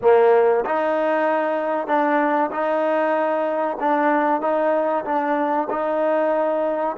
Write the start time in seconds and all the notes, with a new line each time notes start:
0.01 A#3
0.65 D#4
1.87 D4
2.51 D#4
3.80 D4
4.41 D#4
5.04 D4
5.70 D#4